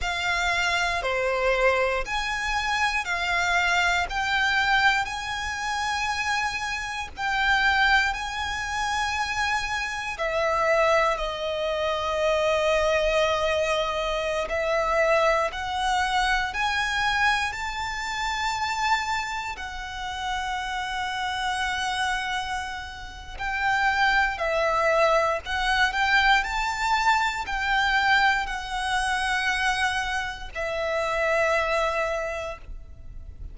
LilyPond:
\new Staff \with { instrumentName = "violin" } { \time 4/4 \tempo 4 = 59 f''4 c''4 gis''4 f''4 | g''4 gis''2 g''4 | gis''2 e''4 dis''4~ | dis''2~ dis''16 e''4 fis''8.~ |
fis''16 gis''4 a''2 fis''8.~ | fis''2. g''4 | e''4 fis''8 g''8 a''4 g''4 | fis''2 e''2 | }